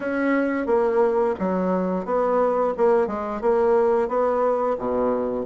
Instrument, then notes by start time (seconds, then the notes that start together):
bassoon
0.00 C#4
0.66 A#3
1.39 F#3
2.05 B3
2.77 A#3
3.07 G#3
3.41 A#3
4.08 B3
4.78 B2